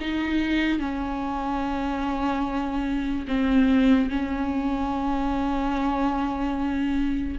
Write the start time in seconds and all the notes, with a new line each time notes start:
0.00 D#4
0.79 C#4
3.27 C4
4.09 C#4